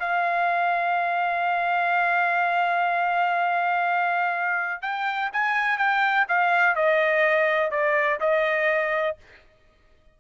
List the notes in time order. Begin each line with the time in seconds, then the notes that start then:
0.00 F5
4.82 G5
5.33 G#5
5.78 G5
6.29 F5
6.76 D#5
7.71 D5
8.20 D#5